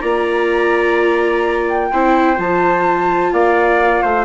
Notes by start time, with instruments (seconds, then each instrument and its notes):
0.00 bassoon A#3, viola F4, trumpet D5, flute A#5
1.68 flute G5
1.91 bassoon C4, viola E4, trumpet C5
2.36 bassoon F3, viola F4, flute A5
3.32 bassoon A#3, trumpet D5, flute F5
4.02 bassoon A3, trumpet C5